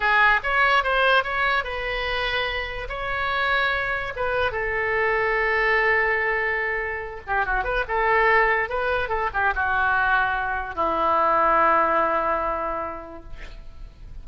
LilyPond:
\new Staff \with { instrumentName = "oboe" } { \time 4/4 \tempo 4 = 145 gis'4 cis''4 c''4 cis''4 | b'2. cis''4~ | cis''2 b'4 a'4~ | a'1~ |
a'4. g'8 fis'8 b'8 a'4~ | a'4 b'4 a'8 g'8 fis'4~ | fis'2 e'2~ | e'1 | }